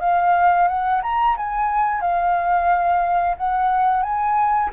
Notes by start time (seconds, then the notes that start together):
0.00 F5
0.67 F#5
1.02 A#5
1.37 G#5
2.01 F5
3.37 F#5
4.02 G#5